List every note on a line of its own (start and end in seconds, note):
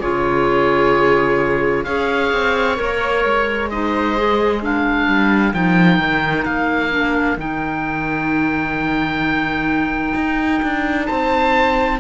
0.00 1.87 C#3
0.00 1.86 F4
0.00 1.85 G#4
0.00 1.84 C#5
1.84 2.32 C#4
1.84 2.76 G#4
1.84 3.70 C#5
1.84 2.76 F5
2.32 2.79 C4
2.76 3.25 A#3
2.76 3.68 A#4
2.76 3.70 C#5
3.25 5.07 G#3
3.70 4.17 D#4
3.70 4.63 C5
3.70 4.62 D#5
4.17 4.62 G#4
4.62 5.54 D4
4.62 11.08 A#4
4.62 5.54 F5
5.07 5.53 G3
5.53 5.99 F3
5.53 6.90 D#4
5.53 6.45 G5
5.99 6.45 D#3
6.45 7.37 A#3
6.45 7.37 F5
6.90 7.37 D4
7.37 10.14 D#3
7.37 12.00 D#4
7.37 11.06 G5
10.15 10.61 D#4
10.62 11.08 D4
11.06 12.00 C4
11.06 12.00 C5
11.06 11.98 A5